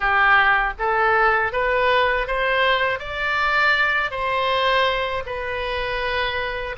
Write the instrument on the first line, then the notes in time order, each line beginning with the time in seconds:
oboe
0.00 G4
0.78 A4
1.52 B4
2.27 C5
2.99 D5
4.10 C5
5.26 B4